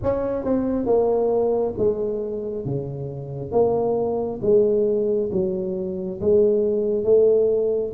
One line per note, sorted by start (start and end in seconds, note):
0.02 0.44 C#4
0.44 0.85 C4
0.85 1.74 A#3
1.78 2.65 G#3
2.65 3.51 C#3
3.51 4.40 A#3
4.42 5.30 G#3
5.31 6.20 F#3
6.20 7.03 G#3
7.03 7.92 A3